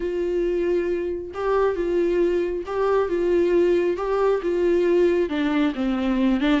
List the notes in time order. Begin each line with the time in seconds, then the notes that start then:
0.00 F4
1.34 G4
1.75 F4
2.66 G4
3.09 F4
3.96 G4
4.42 F4
5.29 D4
5.74 C4
6.40 D4